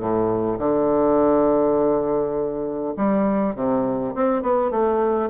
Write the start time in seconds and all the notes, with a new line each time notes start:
0.00 A2
0.59 D3
2.97 G3
3.56 C3
4.15 C4
4.43 B3
4.71 A3